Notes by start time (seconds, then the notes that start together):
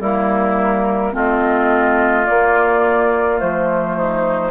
0.00 G3 A#3 E4 A#4
1.12 A3 C4 F4 D#5
2.26 A#3 D5
3.37 F3 A3 C5
3.97 D#4